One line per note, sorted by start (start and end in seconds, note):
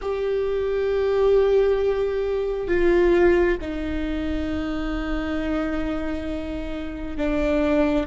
0.01 2.67 G4
2.67 3.57 F4
3.61 7.16 D#4
7.16 8.06 D4